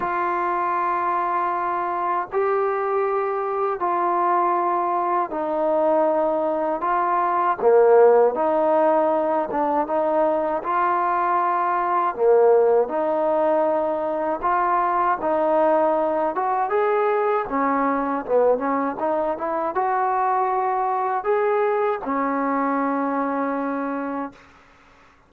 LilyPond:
\new Staff \with { instrumentName = "trombone" } { \time 4/4 \tempo 4 = 79 f'2. g'4~ | g'4 f'2 dis'4~ | dis'4 f'4 ais4 dis'4~ | dis'8 d'8 dis'4 f'2 |
ais4 dis'2 f'4 | dis'4. fis'8 gis'4 cis'4 | b8 cis'8 dis'8 e'8 fis'2 | gis'4 cis'2. | }